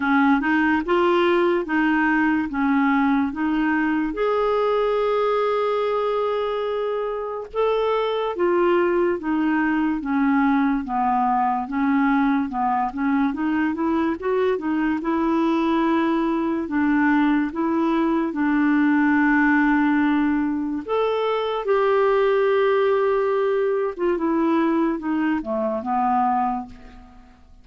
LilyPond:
\new Staff \with { instrumentName = "clarinet" } { \time 4/4 \tempo 4 = 72 cis'8 dis'8 f'4 dis'4 cis'4 | dis'4 gis'2.~ | gis'4 a'4 f'4 dis'4 | cis'4 b4 cis'4 b8 cis'8 |
dis'8 e'8 fis'8 dis'8 e'2 | d'4 e'4 d'2~ | d'4 a'4 g'2~ | g'8. f'16 e'4 dis'8 a8 b4 | }